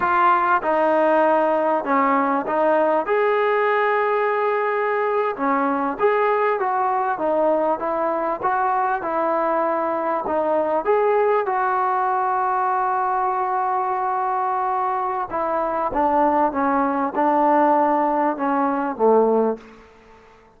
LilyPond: \new Staff \with { instrumentName = "trombone" } { \time 4/4 \tempo 4 = 98 f'4 dis'2 cis'4 | dis'4 gis'2.~ | gis'8. cis'4 gis'4 fis'4 dis'16~ | dis'8. e'4 fis'4 e'4~ e'16~ |
e'8. dis'4 gis'4 fis'4~ fis'16~ | fis'1~ | fis'4 e'4 d'4 cis'4 | d'2 cis'4 a4 | }